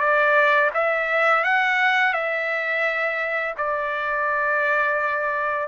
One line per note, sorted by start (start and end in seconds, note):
0.00 0.71 D5
0.74 1.44 E5
1.44 2.13 F#5
2.13 3.54 E5
3.57 5.68 D5